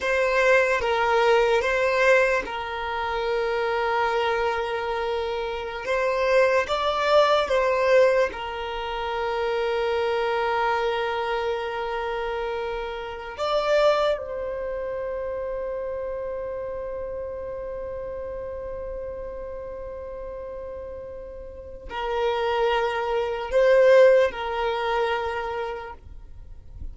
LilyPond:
\new Staff \with { instrumentName = "violin" } { \time 4/4 \tempo 4 = 74 c''4 ais'4 c''4 ais'4~ | ais'2.~ ais'16 c''8.~ | c''16 d''4 c''4 ais'4.~ ais'16~ | ais'1~ |
ais'8 d''4 c''2~ c''8~ | c''1~ | c''2. ais'4~ | ais'4 c''4 ais'2 | }